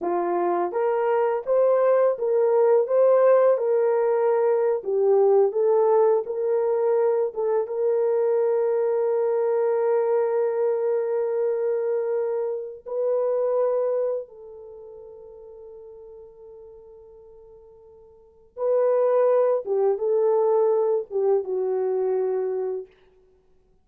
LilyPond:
\new Staff \with { instrumentName = "horn" } { \time 4/4 \tempo 4 = 84 f'4 ais'4 c''4 ais'4 | c''4 ais'4.~ ais'16 g'4 a'16~ | a'8. ais'4. a'8 ais'4~ ais'16~ | ais'1~ |
ais'2 b'2 | a'1~ | a'2 b'4. g'8 | a'4. g'8 fis'2 | }